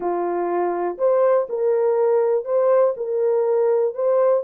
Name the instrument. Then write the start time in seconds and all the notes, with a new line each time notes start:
horn
0.00 F4
0.98 C5
1.49 A#4
2.45 C5
2.96 A#4
3.94 C5